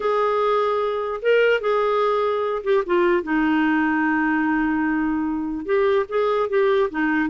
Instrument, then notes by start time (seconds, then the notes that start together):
clarinet
0.00 G#4
1.21 A#4
1.61 G#4
2.63 G4
2.85 F4
3.23 D#4
5.65 G4
6.08 G#4
6.49 G4
6.90 D#4